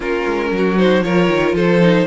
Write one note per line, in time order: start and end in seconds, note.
0.00 0.25 A#3
0.00 0.77 C#4
0.00 0.50 F4
0.00 0.78 A#4
0.26 0.51 G#3
0.51 1.02 F#3
0.51 1.04 F#4
0.78 1.03 D#4
0.78 1.02 C5
1.02 1.28 F3
1.02 1.80 F4
1.02 1.55 A#4
1.02 1.54 C#5
1.28 1.52 D#3
1.52 2.04 F3
1.52 2.06 A4
1.52 2.06 C5
1.80 2.06 D#4